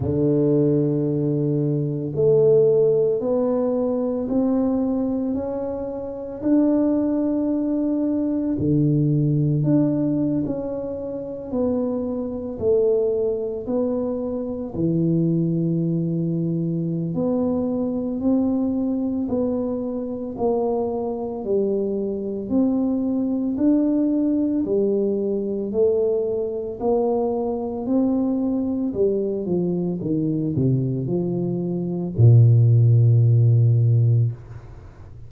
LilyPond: \new Staff \with { instrumentName = "tuba" } { \time 4/4 \tempo 4 = 56 d2 a4 b4 | c'4 cis'4 d'2 | d4 d'8. cis'4 b4 a16~ | a8. b4 e2~ e16 |
b4 c'4 b4 ais4 | g4 c'4 d'4 g4 | a4 ais4 c'4 g8 f8 | dis8 c8 f4 ais,2 | }